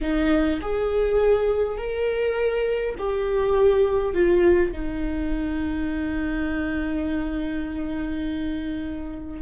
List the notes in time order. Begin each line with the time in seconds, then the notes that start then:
0.00 D#4
0.61 G#4
1.77 A#4
2.98 G4
4.14 F4
4.72 D#4